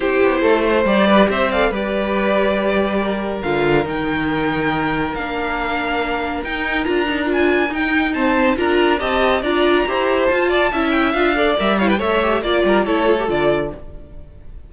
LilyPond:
<<
  \new Staff \with { instrumentName = "violin" } { \time 4/4 \tempo 4 = 140 c''2 d''4 e''8 f''8 | d''1 | f''4 g''2. | f''2. g''4 |
ais''4 gis''4 g''4 a''4 | ais''4 a''4 ais''2 | a''4. g''8 f''4 e''8 f''16 g''16 | e''4 d''4 cis''4 d''4 | }
  \new Staff \with { instrumentName = "violin" } { \time 4/4 g'4 a'8 c''4 b'8 c''8 d''8 | b'2. ais'4~ | ais'1~ | ais'1~ |
ais'2. c''4 | ais'4 dis''4 d''4 c''4~ | c''8 d''8 e''4. d''4 cis''16 b'16 | cis''4 d''8 ais'8 a'2 | }
  \new Staff \with { instrumentName = "viola" } { \time 4/4 e'2 g'4. a'8 | g'1 | f'4 dis'2. | d'2. dis'4 |
f'8 dis'8 f'4 dis'4 c'4 | f'4 g'4 f'4 g'4 | f'4 e'4 f'8 a'8 ais'8 e'8 | a'8 g'8 f'4 e'8 f'16 g'16 f'4 | }
  \new Staff \with { instrumentName = "cello" } { \time 4/4 c'8 b8 a4 g4 c'4 | g1 | d4 dis2. | ais2. dis'4 |
d'2 dis'2 | d'4 c'4 d'4 e'4 | f'4 cis'4 d'4 g4 | a4 ais8 g8 a4 d4 | }
>>